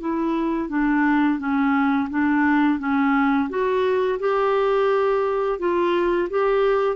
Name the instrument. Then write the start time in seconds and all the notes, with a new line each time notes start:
clarinet
0.00 E4
0.69 D4
1.39 C#4
2.09 D4
2.79 C#4
3.49 F#4
4.19 G4
5.59 F4
6.29 G4